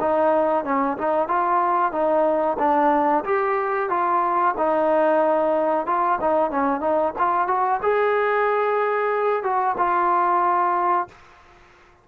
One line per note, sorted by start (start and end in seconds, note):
0.00 0.64 D#4
0.64 0.97 C#4
0.97 1.28 D#4
1.28 1.92 F4
1.92 2.57 D#4
2.58 3.24 D4
3.24 3.89 G4
3.89 4.54 F4
4.57 5.86 D#4
5.86 6.19 F4
6.21 6.51 D#4
6.51 6.80 C#4
6.80 7.13 D#4
7.18 7.48 F4
7.48 7.80 F#4
7.82 9.43 G#4
9.43 9.76 F#4
9.77 11.08 F4